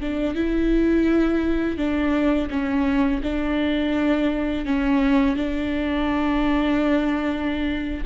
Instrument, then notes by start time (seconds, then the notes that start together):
viola
0.00 D4
0.34 E4
1.77 D4
2.50 C#4
3.22 D4
4.65 C#4
5.36 D4